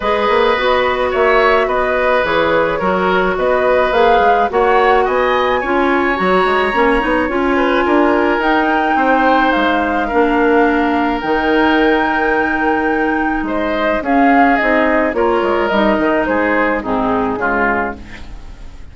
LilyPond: <<
  \new Staff \with { instrumentName = "flute" } { \time 4/4 \tempo 4 = 107 dis''2 e''4 dis''4 | cis''2 dis''4 f''4 | fis''4 gis''2 ais''4~ | ais''4 gis''2 g''4~ |
g''4 f''2. | g''1 | dis''4 f''4 dis''4 cis''4 | dis''4 c''4 gis'2 | }
  \new Staff \with { instrumentName = "oboe" } { \time 4/4 b'2 cis''4 b'4~ | b'4 ais'4 b'2 | cis''4 dis''4 cis''2~ | cis''4. b'8 ais'2 |
c''2 ais'2~ | ais'1 | c''4 gis'2 ais'4~ | ais'4 gis'4 dis'4 f'4 | }
  \new Staff \with { instrumentName = "clarinet" } { \time 4/4 gis'4 fis'2. | gis'4 fis'2 gis'4 | fis'2 f'4 fis'4 | cis'8 dis'8 f'2 dis'4~ |
dis'2 d'2 | dis'1~ | dis'4 cis'4 dis'4 f'4 | dis'2 c'4 gis4 | }
  \new Staff \with { instrumentName = "bassoon" } { \time 4/4 gis8 ais8 b4 ais4 b4 | e4 fis4 b4 ais8 gis8 | ais4 b4 cis'4 fis8 gis8 | ais8 b8 cis'4 d'4 dis'4 |
c'4 gis4 ais2 | dis1 | gis4 cis'4 c'4 ais8 gis8 | g8 dis8 gis4 gis,4 cis4 | }
>>